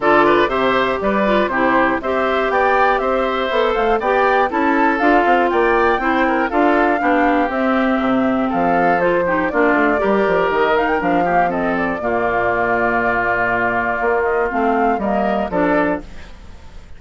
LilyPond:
<<
  \new Staff \with { instrumentName = "flute" } { \time 4/4 \tempo 4 = 120 d''4 e''4 d''4 c''4 | e''4 g''4 e''4. f''8 | g''4 a''4 f''4 g''4~ | g''4 f''2 e''4~ |
e''4 f''4 c''4 d''4~ | d''4 dis''8 f''16 g''16 f''4 dis''8 d''8~ | d''1~ | d''8 dis''8 f''4 dis''4 d''4 | }
  \new Staff \with { instrumentName = "oboe" } { \time 4/4 a'8 b'8 c''4 b'4 g'4 | c''4 d''4 c''2 | d''4 a'2 d''4 | c''8 ais'8 a'4 g'2~ |
g'4 a'4. g'8 f'4 | ais'2~ ais'8 g'8 a'4 | f'1~ | f'2 ais'4 a'4 | }
  \new Staff \with { instrumentName = "clarinet" } { \time 4/4 f'4 g'4. f'8 e'4 | g'2. a'4 | g'4 e'4 f'2 | e'4 f'4 d'4 c'4~ |
c'2 f'8 dis'8 d'4 | g'4. dis'8 d'8 ais8 c'4 | ais1~ | ais4 c'4 ais4 d'4 | }
  \new Staff \with { instrumentName = "bassoon" } { \time 4/4 d4 c4 g4 c4 | c'4 b4 c'4 b8 a8 | b4 cis'4 d'8 c'8 ais4 | c'4 d'4 b4 c'4 |
c4 f2 ais8 a8 | g8 f8 dis4 f2 | ais,1 | ais4 a4 g4 f4 | }
>>